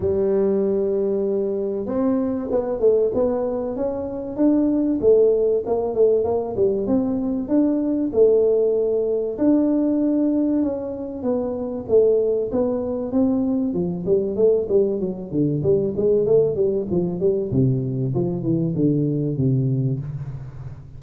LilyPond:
\new Staff \with { instrumentName = "tuba" } { \time 4/4 \tempo 4 = 96 g2. c'4 | b8 a8 b4 cis'4 d'4 | a4 ais8 a8 ais8 g8 c'4 | d'4 a2 d'4~ |
d'4 cis'4 b4 a4 | b4 c'4 f8 g8 a8 g8 | fis8 d8 g8 gis8 a8 g8 f8 g8 | c4 f8 e8 d4 c4 | }